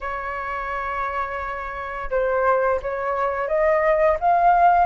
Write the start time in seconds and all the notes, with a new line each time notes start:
0.00 C#5
2.10 C5
2.82 C#5
3.48 D#5
4.20 F5